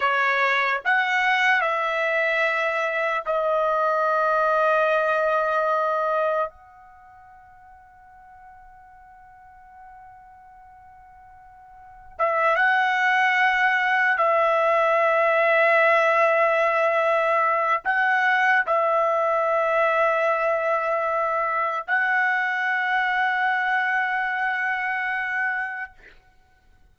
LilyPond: \new Staff \with { instrumentName = "trumpet" } { \time 4/4 \tempo 4 = 74 cis''4 fis''4 e''2 | dis''1 | fis''1~ | fis''2. e''8 fis''8~ |
fis''4. e''2~ e''8~ | e''2 fis''4 e''4~ | e''2. fis''4~ | fis''1 | }